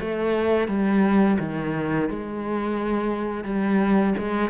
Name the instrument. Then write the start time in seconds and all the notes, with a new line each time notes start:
cello
0.00 A3
0.68 G3
1.39 D#3
2.09 G#3
3.44 G3
4.18 G#3